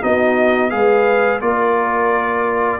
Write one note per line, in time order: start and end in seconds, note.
0.00 0.72 B3
0.00 0.70 D#4
0.00 0.71 F#4
0.00 0.70 D#5
0.70 1.40 G#3
0.70 1.39 G#4
0.70 1.42 B4
0.70 1.40 F5
1.40 2.80 A#3
1.40 2.80 F4
1.40 2.80 A#4
1.40 2.80 D5